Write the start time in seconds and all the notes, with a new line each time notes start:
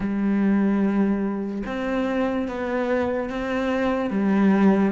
0.00 G3
1.66 C4
2.48 B3
3.29 C4
4.10 G3